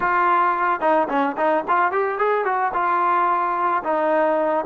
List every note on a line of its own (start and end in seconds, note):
0.00 0.80 F4
0.80 1.07 D#4
1.09 1.36 C#4
1.37 1.64 D#4
1.68 1.91 F4
1.91 2.18 G4
2.18 2.44 G#4
2.44 2.71 F#4
2.73 3.82 F4
3.83 4.65 D#4